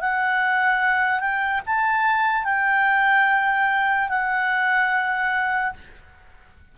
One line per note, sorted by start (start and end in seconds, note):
0.00 1.19 F#5
1.19 1.60 G5
1.66 2.44 A5
2.44 4.09 G5
4.09 5.73 F#5